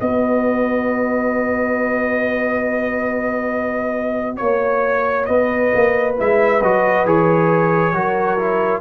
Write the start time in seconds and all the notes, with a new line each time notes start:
0.00 B3 F#4 B4 D#5
4.36 A#3 C#5
5.25 B3 B4 D#5
5.74 A#3
6.17 G#3 E4 E5
6.62 F#3 F#4 D#5
7.05 E3 G#4 C#5
7.92 F#3 F#4 A#4
8.38 E4